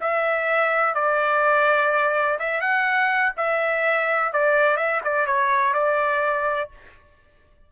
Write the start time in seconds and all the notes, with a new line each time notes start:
0.00 E5
0.94 D5
2.39 E5
2.61 F#5
3.36 E5
4.32 D5
4.77 E5
5.04 D5
5.26 C#5
5.73 D5